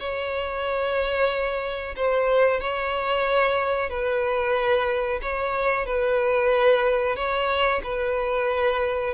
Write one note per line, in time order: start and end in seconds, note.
0.00 1.96 C#5
1.96 2.61 C5
2.61 3.90 C#5
3.90 5.20 B4
5.23 5.86 C#5
5.86 7.17 B4
7.17 7.82 C#5
7.84 9.15 B4